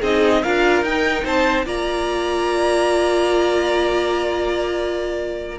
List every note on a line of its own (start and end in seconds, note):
0.00 0.43 C4
0.00 0.44 D#4
0.00 0.41 G#4
0.00 0.43 D#5
0.43 0.82 D4
0.43 0.85 F4
0.43 1.24 A#4
0.43 0.84 F5
0.82 1.23 D#4
0.82 1.65 D#4
0.82 1.26 G5
1.24 1.65 C4
1.24 1.65 C5
1.24 1.67 A5
1.65 5.58 A#3
1.65 5.58 F4
1.65 5.58 D5
1.65 5.58 A#5